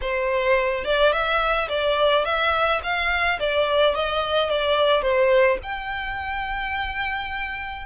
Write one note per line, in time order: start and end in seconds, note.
0.01 0.84 C5
0.84 1.12 D5
1.12 1.68 E5
1.68 2.24 D5
2.24 2.80 E5
2.83 3.39 F5
3.39 3.95 D5
3.95 4.49 D#5
4.49 5.02 D5
5.02 5.58 C5
5.62 7.86 G5